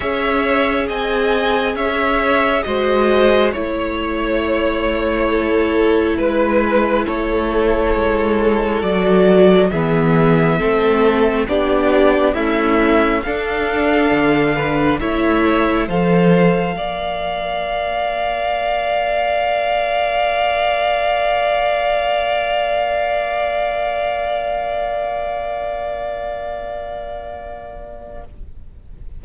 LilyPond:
<<
  \new Staff \with { instrumentName = "violin" } { \time 4/4 \tempo 4 = 68 e''4 gis''4 e''4 dis''4 | cis''2. b'4 | cis''2 d''4 e''4~ | e''4 d''4 e''4 f''4~ |
f''4 e''4 f''2~ | f''1~ | f''1~ | f''1 | }
  \new Staff \with { instrumentName = "violin" } { \time 4/4 cis''4 dis''4 cis''4 c''4 | cis''2 a'4 b'4 | a'2. gis'4 | a'4 g'4 e'4 a'4~ |
a'8 b'8 cis''4 c''4 d''4~ | d''1~ | d''1~ | d''1 | }
  \new Staff \with { instrumentName = "viola" } { \time 4/4 gis'2. fis'4 | e'1~ | e'2 fis'4 b4 | c'4 d'4 a4 d'4~ |
d'4 e'4 a'4 ais'4~ | ais'1~ | ais'1~ | ais'1 | }
  \new Staff \with { instrumentName = "cello" } { \time 4/4 cis'4 c'4 cis'4 gis4 | a2. gis4 | a4 gis4 fis4 e4 | a4 b4 cis'4 d'4 |
d4 a4 f4 ais4~ | ais1~ | ais1~ | ais1 | }
>>